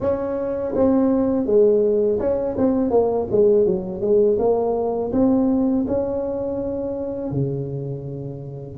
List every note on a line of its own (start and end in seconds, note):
0.00 0.74 C#4
0.75 1.46 C4
1.46 2.19 G#3
2.19 2.56 C#4
2.57 2.90 C4
2.90 3.27 A#3
3.31 3.66 G#3
3.66 4.01 F#3
4.01 4.37 G#3
4.38 5.12 A#3
5.12 5.85 C4
5.87 7.31 C#4
7.31 8.77 C#3